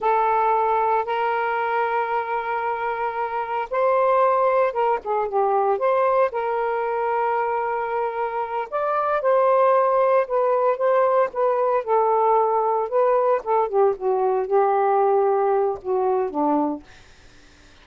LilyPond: \new Staff \with { instrumentName = "saxophone" } { \time 4/4 \tempo 4 = 114 a'2 ais'2~ | ais'2. c''4~ | c''4 ais'8 gis'8 g'4 c''4 | ais'1~ |
ais'8 d''4 c''2 b'8~ | b'8 c''4 b'4 a'4.~ | a'8 b'4 a'8 g'8 fis'4 g'8~ | g'2 fis'4 d'4 | }